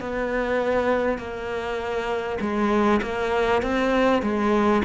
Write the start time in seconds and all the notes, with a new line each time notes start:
0.00 B3
1.18 A#3
2.41 G#3
3.02 A#3
3.62 C4
4.22 G#3